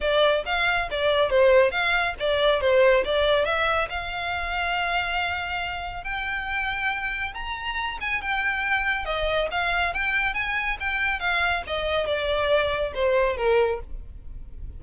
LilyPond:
\new Staff \with { instrumentName = "violin" } { \time 4/4 \tempo 4 = 139 d''4 f''4 d''4 c''4 | f''4 d''4 c''4 d''4 | e''4 f''2.~ | f''2 g''2~ |
g''4 ais''4. gis''8 g''4~ | g''4 dis''4 f''4 g''4 | gis''4 g''4 f''4 dis''4 | d''2 c''4 ais'4 | }